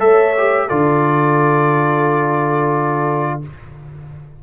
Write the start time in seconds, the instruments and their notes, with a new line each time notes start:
0.00 tuba A3, trombone A4, horn C#5, trumpet E5
0.38 trombone G4
0.67 tuba D3, trombone F4, horn A4, trumpet D5